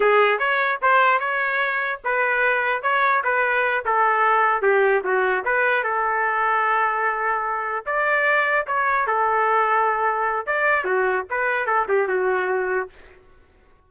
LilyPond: \new Staff \with { instrumentName = "trumpet" } { \time 4/4 \tempo 4 = 149 gis'4 cis''4 c''4 cis''4~ | cis''4 b'2 cis''4 | b'4. a'2 g'8~ | g'8 fis'4 b'4 a'4.~ |
a'2.~ a'8 d''8~ | d''4. cis''4 a'4.~ | a'2 d''4 fis'4 | b'4 a'8 g'8 fis'2 | }